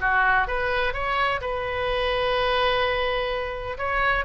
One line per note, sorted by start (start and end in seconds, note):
0.00 0.47 F#4
0.47 0.93 B4
0.93 1.40 C#5
1.41 3.77 B4
3.78 4.25 C#5